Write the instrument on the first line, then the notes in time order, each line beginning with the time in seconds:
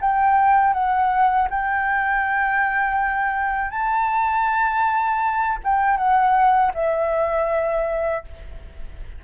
flute
0.00 G5
0.73 F#5
1.50 G5
3.70 A5
5.64 G5
5.97 F#5
6.74 E5